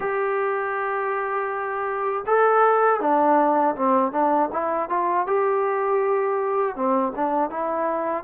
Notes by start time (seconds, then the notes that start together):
0.00 G4
2.26 A4
3.00 D4
3.75 C4
4.12 D4
4.52 E4
4.89 F4
5.27 G4
6.75 C4
7.15 D4
7.50 E4